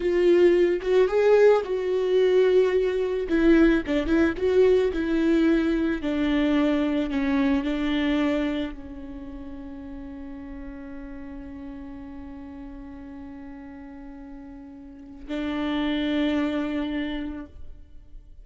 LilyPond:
\new Staff \with { instrumentName = "viola" } { \time 4/4 \tempo 4 = 110 f'4. fis'8 gis'4 fis'4~ | fis'2 e'4 d'8 e'8 | fis'4 e'2 d'4~ | d'4 cis'4 d'2 |
cis'1~ | cis'1~ | cis'1 | d'1 | }